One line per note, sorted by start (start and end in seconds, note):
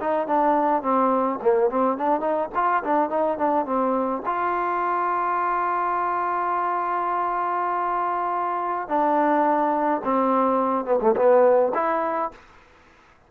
0.00 0.27 D#4
0.27 0.82 D4
0.82 1.39 C4
1.42 1.70 A#3
1.70 1.98 C4
1.98 2.20 D4
2.20 2.49 D#4
2.55 2.83 F4
2.84 3.10 D4
3.10 3.38 D#4
3.38 3.66 D4
3.66 4.22 C4
4.26 8.88 F4
8.88 10.01 D4
10.04 10.85 C4
10.85 10.99 B3
11.01 11.15 A3
11.16 11.72 B3
11.74 12.31 E4